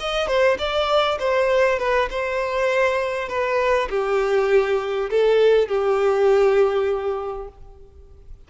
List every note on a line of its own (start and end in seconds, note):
0.00 0.28 D#5
0.28 0.58 C5
0.59 1.19 D5
1.20 1.79 C5
1.79 2.09 B4
2.10 3.29 C5
3.29 3.89 B4
3.90 5.10 G4
5.11 5.68 A4
5.68 7.48 G4